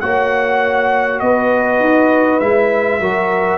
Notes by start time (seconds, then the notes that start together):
0.00 A#3 F#4 C#5 F#5
1.20 B3 B4 D#5
1.79 D#4
2.40 G#3 E4 E5
3.00 F#3 F#4 A#4